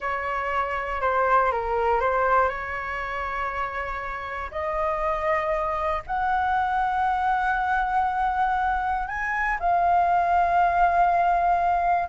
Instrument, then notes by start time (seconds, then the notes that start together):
flute
0.00 C#5
1.01 C5
1.51 A#4
2.00 C5
2.48 C#5
4.51 D#5
6.06 F#5
9.07 G#5
9.59 F5